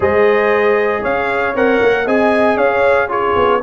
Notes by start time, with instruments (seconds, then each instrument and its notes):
0.00 tuba G#3, trombone G#4, horn C5, trumpet D#5
1.01 tuba C#4, horn C#5, trumpet F5
1.54 tuba C4, trombone A#4, trumpet F#5
1.81 tuba A#3
2.05 tuba C4, trombone G#4, horn D#5, trumpet G#5
2.56 tuba C#4, horn C#5, trumpet F5
3.08 trombone F4, horn G#4, trumpet C#5
3.36 tuba B3